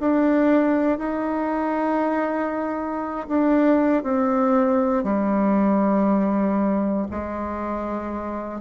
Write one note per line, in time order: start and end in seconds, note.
0.00 0.98 D4
0.98 3.27 D#4
3.28 4.03 D4
4.03 5.04 C4
5.04 7.07 G3
7.10 8.61 G#3